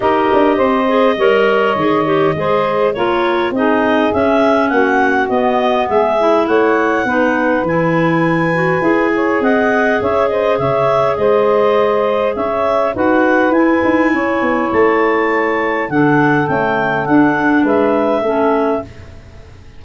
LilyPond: <<
  \new Staff \with { instrumentName = "clarinet" } { \time 4/4 \tempo 4 = 102 dis''1~ | dis''4 cis''4 dis''4 e''4 | fis''4 dis''4 e''4 fis''4~ | fis''4 gis''2. |
fis''4 e''8 dis''8 e''4 dis''4~ | dis''4 e''4 fis''4 gis''4~ | gis''4 a''2 fis''4 | g''4 fis''4 e''2 | }
  \new Staff \with { instrumentName = "saxophone" } { \time 4/4 ais'4 c''4 cis''2 | c''4 ais'4 gis'2 | fis'2 gis'4 cis''4 | b'2.~ b'8 cis''8 |
dis''4 cis''8 c''8 cis''4 c''4~ | c''4 cis''4 b'2 | cis''2. a'4~ | a'2 b'4 a'4 | }
  \new Staff \with { instrumentName = "clarinet" } { \time 4/4 g'4. gis'8 ais'4 gis'8 g'8 | gis'4 f'4 dis'4 cis'4~ | cis'4 b4. e'4. | dis'4 e'4. fis'8 gis'4~ |
gis'1~ | gis'2 fis'4 e'4~ | e'2. d'4 | a4 d'2 cis'4 | }
  \new Staff \with { instrumentName = "tuba" } { \time 4/4 dis'8 d'8 c'4 g4 dis4 | gis4 ais4 c'4 cis'4 | ais4 b4 gis4 a4 | b4 e2 e'4 |
c'4 cis'4 cis4 gis4~ | gis4 cis'4 dis'4 e'8 dis'8 | cis'8 b8 a2 d4 | cis'4 d'4 gis4 a4 | }
>>